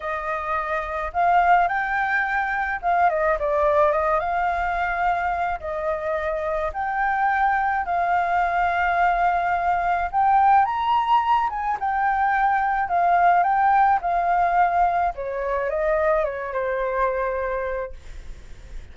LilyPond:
\new Staff \with { instrumentName = "flute" } { \time 4/4 \tempo 4 = 107 dis''2 f''4 g''4~ | g''4 f''8 dis''8 d''4 dis''8 f''8~ | f''2 dis''2 | g''2 f''2~ |
f''2 g''4 ais''4~ | ais''8 gis''8 g''2 f''4 | g''4 f''2 cis''4 | dis''4 cis''8 c''2~ c''8 | }